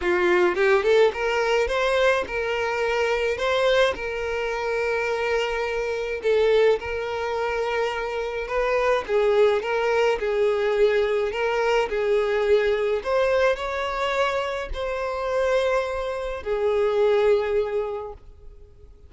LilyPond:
\new Staff \with { instrumentName = "violin" } { \time 4/4 \tempo 4 = 106 f'4 g'8 a'8 ais'4 c''4 | ais'2 c''4 ais'4~ | ais'2. a'4 | ais'2. b'4 |
gis'4 ais'4 gis'2 | ais'4 gis'2 c''4 | cis''2 c''2~ | c''4 gis'2. | }